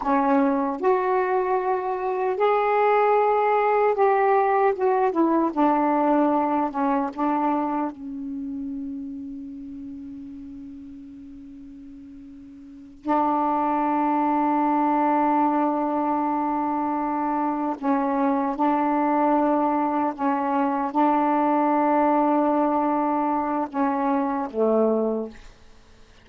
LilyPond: \new Staff \with { instrumentName = "saxophone" } { \time 4/4 \tempo 4 = 76 cis'4 fis'2 gis'4~ | gis'4 g'4 fis'8 e'8 d'4~ | d'8 cis'8 d'4 cis'2~ | cis'1~ |
cis'8 d'2.~ d'8~ | d'2~ d'8 cis'4 d'8~ | d'4. cis'4 d'4.~ | d'2 cis'4 a4 | }